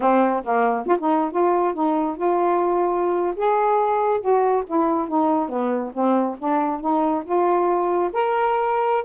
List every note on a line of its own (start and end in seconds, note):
0.00 0.43 C4
0.44 0.86 A#3
0.86 0.97 F4
0.99 1.30 D#4
1.30 1.73 F4
1.73 2.16 D#4
2.16 3.35 F4
3.36 4.20 G#4
4.20 4.63 F#4
4.66 5.07 E4
5.07 5.48 D#4
5.48 5.92 B3
5.93 6.36 C4
6.38 6.80 D4
6.80 7.23 D#4
7.24 8.11 F4
8.12 9.04 A#4